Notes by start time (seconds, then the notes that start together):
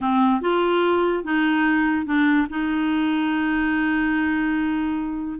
0.01 C4
0.41 F4
1.24 D#4
2.06 D4
2.49 D#4